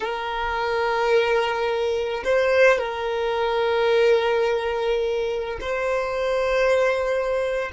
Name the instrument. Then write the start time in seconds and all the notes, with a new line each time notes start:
violin
0.00 A#4
2.24 C5
2.78 A#4
5.60 C5